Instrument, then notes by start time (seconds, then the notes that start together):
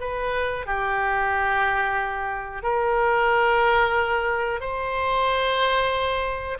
oboe
0.00 B4
0.66 G4
2.63 A#4
4.60 C5